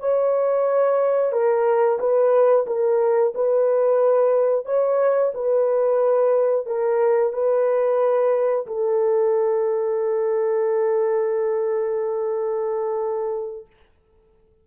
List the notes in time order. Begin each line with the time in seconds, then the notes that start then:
0.00 C#5
1.32 A#4
1.99 B4
2.67 A#4
3.35 B4
4.65 C#5
5.34 B4
6.66 A#4
7.33 B4
8.67 A4